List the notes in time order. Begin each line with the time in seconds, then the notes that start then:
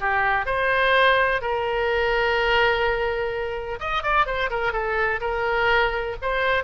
0.00 G4
0.46 C5
1.41 A#4
3.80 D#5
4.03 D5
4.26 C5
4.50 A#4
4.73 A4
5.21 A#4
6.22 C5